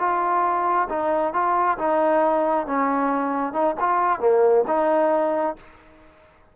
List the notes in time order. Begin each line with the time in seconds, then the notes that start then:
0.00 F4
0.90 D#4
1.34 F4
1.79 D#4
2.67 C#4
3.54 D#4
3.80 F4
4.21 A#3
4.68 D#4